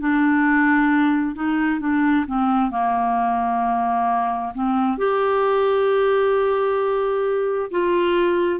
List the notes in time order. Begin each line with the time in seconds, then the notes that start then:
0.00 D4
1.35 D#4
1.80 D4
2.27 C4
2.71 A#3
4.54 C4
4.98 G4
7.71 F4